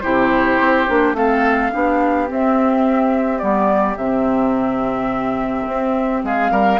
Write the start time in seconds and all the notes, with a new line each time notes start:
0.00 C3 E4 G4 C5
0.59 C4
0.87 A#3 D4
1.13 A3 C4 A4 F5
1.71 B3 D4 G4
2.27 C4 E5
3.39 G3 B3 D5
3.96 C3 C4 E5
5.66 C4
6.23 G#3 G#4 F5
6.51 G3 A#4